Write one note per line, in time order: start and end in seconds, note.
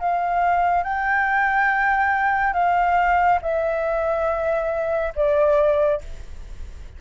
0.00 0.83 F5
0.83 2.54 G5
2.54 3.39 F5
3.42 5.13 E5
5.15 6.01 D5